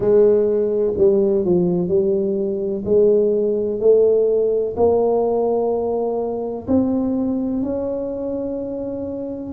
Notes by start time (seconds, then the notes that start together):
0.00 G#3
0.97 G3
1.44 F3
1.88 G3
2.84 G#3
3.80 A3
4.76 A#3
6.67 C4
7.62 C#4